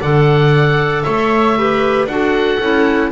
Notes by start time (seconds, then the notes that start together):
0.00 D3 A4 D5 F#5
1.03 A3 C#5 E5
1.57 G4 B4
2.06 D4 F#4 A4 F#5
2.60 C#4 E4